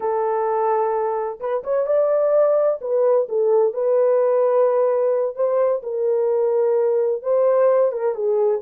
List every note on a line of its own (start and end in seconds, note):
0.00 1.39 A4
1.40 1.63 B4
1.63 1.86 C#5
1.86 2.79 D5
2.81 3.27 B4
3.28 3.73 A4
3.73 5.35 B4
5.35 5.82 C5
5.82 7.22 A#4
7.22 7.92 C5
7.92 8.14 A#4
8.14 8.61 G#4